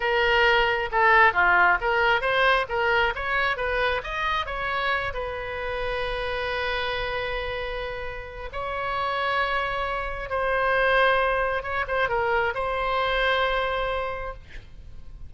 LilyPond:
\new Staff \with { instrumentName = "oboe" } { \time 4/4 \tempo 4 = 134 ais'2 a'4 f'4 | ais'4 c''4 ais'4 cis''4 | b'4 dis''4 cis''4. b'8~ | b'1~ |
b'2. cis''4~ | cis''2. c''4~ | c''2 cis''8 c''8 ais'4 | c''1 | }